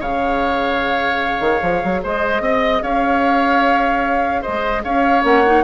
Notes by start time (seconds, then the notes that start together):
0.00 C#3 G#4 C#5 F5
1.40 D#3
1.62 F3
1.84 F#3
2.03 G#3 C5 D#5
2.40 C4 D#5
2.83 C#4 C#5 F5
4.42 G#3 C5 D#5
4.84 C#4 C#5 F5
5.24 A#3 C#4 F#5
5.46 D#4